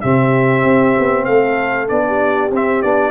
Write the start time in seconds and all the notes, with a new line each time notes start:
0.00 C3 C4 G4 E5
0.64 C4
0.98 B3
1.25 A3 A4 F5
1.87 B3 D4 D5
2.07 G4
2.50 C4 E5
2.82 B3 D4 D5